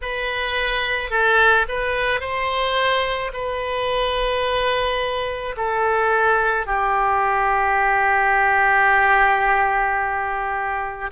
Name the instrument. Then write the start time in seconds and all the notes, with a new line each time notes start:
oboe
0.01 B4
1.10 A4
1.68 B4
2.20 C5
3.33 B4
5.57 A4
6.66 G4